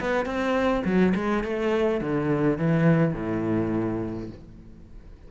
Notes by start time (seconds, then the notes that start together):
0.00 B3
0.25 C4
0.85 F#3
1.15 G#3
1.44 A3
2.01 D3
2.58 E3
3.14 A2